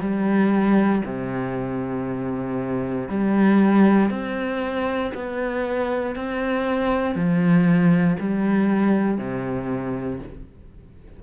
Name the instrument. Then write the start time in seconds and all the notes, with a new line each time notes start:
cello
0.00 G3
1.05 C3
3.08 G3
4.10 C4
5.14 B3
6.15 C4
7.15 F3
8.19 G3
9.18 C3